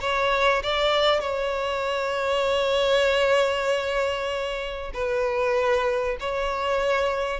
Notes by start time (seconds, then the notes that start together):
0.00 C#5
0.62 D5
1.20 C#5
4.93 B4
6.20 C#5